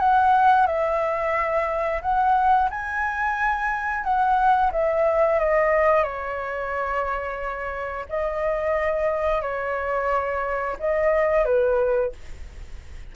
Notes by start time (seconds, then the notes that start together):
0.00 F#5
0.67 E5
2.02 F#5
2.71 G#5
4.04 F#5
4.72 E5
5.40 D#5
6.04 C#5
8.10 D#5
9.42 C#5
10.80 D#5
11.45 B4